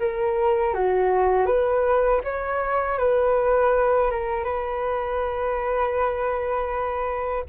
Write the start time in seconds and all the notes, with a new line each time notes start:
0.00 A#4
0.74 F#4
1.46 B4
2.24 C#5
2.99 B4
4.11 A#4
4.44 B4